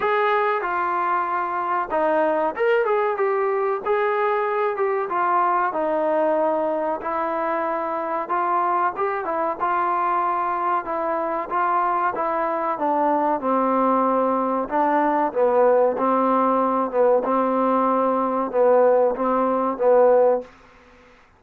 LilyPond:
\new Staff \with { instrumentName = "trombone" } { \time 4/4 \tempo 4 = 94 gis'4 f'2 dis'4 | ais'8 gis'8 g'4 gis'4. g'8 | f'4 dis'2 e'4~ | e'4 f'4 g'8 e'8 f'4~ |
f'4 e'4 f'4 e'4 | d'4 c'2 d'4 | b4 c'4. b8 c'4~ | c'4 b4 c'4 b4 | }